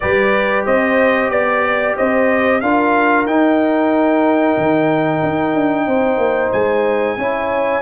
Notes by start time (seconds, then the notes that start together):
0.00 G3 G4 B4 D5
0.65 C4 C5 D#5
1.29 B3 D5
1.96 C4 C5 D#5
2.60 D4 F4 A#4 F5
3.26 D#4 G5
4.57 D#3
5.22 D#4
5.54 D4
5.86 C4 C5
6.17 A#3
6.52 G#3 G#5
7.17 C#4 E4 C#5